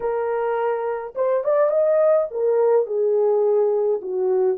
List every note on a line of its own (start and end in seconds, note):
0.00 1.14 A#4
1.15 1.43 C5
1.43 1.70 D5
1.70 2.27 D#5
2.30 2.86 A#4
2.86 4.01 G#4
4.01 4.57 F#4